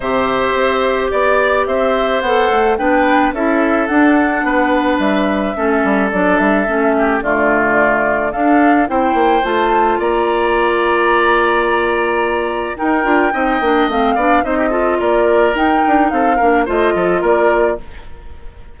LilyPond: <<
  \new Staff \with { instrumentName = "flute" } { \time 4/4 \tempo 4 = 108 e''2 d''4 e''4 | fis''4 g''4 e''4 fis''4~ | fis''4 e''2 d''8 e''8~ | e''4 d''2 f''4 |
g''4 a''4 ais''2~ | ais''2. g''4~ | g''4 f''4 dis''4 d''4 | g''4 f''4 dis''4 d''4 | }
  \new Staff \with { instrumentName = "oboe" } { \time 4/4 c''2 d''4 c''4~ | c''4 b'4 a'2 | b'2 a'2~ | a'8 g'8 f'2 a'4 |
c''2 d''2~ | d''2. ais'4 | dis''4. d''8 c''16 g'16 a'8 ais'4~ | ais'4 a'8 ais'8 c''8 a'8 ais'4 | }
  \new Staff \with { instrumentName = "clarinet" } { \time 4/4 g'1 | a'4 d'4 e'4 d'4~ | d'2 cis'4 d'4 | cis'4 a2 d'4 |
e'4 f'2.~ | f'2. dis'8 f'8 | dis'8 d'8 c'8 d'8 dis'8 f'4. | dis'4. d'8 f'2 | }
  \new Staff \with { instrumentName = "bassoon" } { \time 4/4 c4 c'4 b4 c'4 | b8 a8 b4 cis'4 d'4 | b4 g4 a8 g8 fis8 g8 | a4 d2 d'4 |
c'8 ais8 a4 ais2~ | ais2. dis'8 d'8 | c'8 ais8 a8 b8 c'4 ais4 | dis'8 d'8 c'8 ais8 a8 f8 ais4 | }
>>